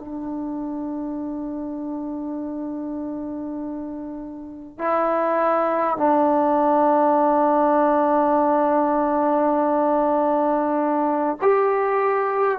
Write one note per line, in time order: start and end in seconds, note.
0.00 4.79 D4
4.79 5.98 E4
5.98 11.38 D4
11.42 12.59 G4